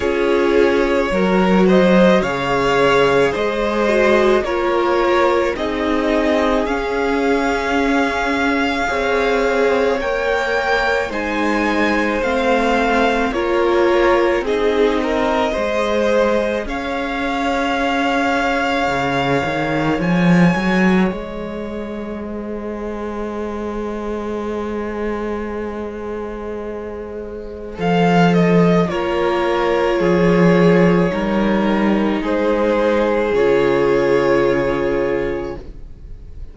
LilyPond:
<<
  \new Staff \with { instrumentName = "violin" } { \time 4/4 \tempo 4 = 54 cis''4. dis''8 f''4 dis''4 | cis''4 dis''4 f''2~ | f''4 g''4 gis''4 f''4 | cis''4 dis''2 f''4~ |
f''2 gis''4 dis''4~ | dis''1~ | dis''4 f''8 dis''8 cis''2~ | cis''4 c''4 cis''2 | }
  \new Staff \with { instrumentName = "violin" } { \time 4/4 gis'4 ais'8 c''8 cis''4 c''4 | ais'4 gis'2. | cis''2 c''2 | ais'4 gis'8 ais'8 c''4 cis''4~ |
cis''1 | c''1~ | c''2 ais'4 gis'4 | ais'4 gis'2. | }
  \new Staff \with { instrumentName = "viola" } { \time 4/4 f'4 fis'4 gis'4. fis'8 | f'4 dis'4 cis'2 | gis'4 ais'4 dis'4 c'4 | f'4 dis'4 gis'2~ |
gis'1~ | gis'1~ | gis'4 a'4 f'2 | dis'2 f'2 | }
  \new Staff \with { instrumentName = "cello" } { \time 4/4 cis'4 fis4 cis4 gis4 | ais4 c'4 cis'2 | c'4 ais4 gis4 a4 | ais4 c'4 gis4 cis'4~ |
cis'4 cis8 dis8 f8 fis8 gis4~ | gis1~ | gis4 f4 ais4 f4 | g4 gis4 cis2 | }
>>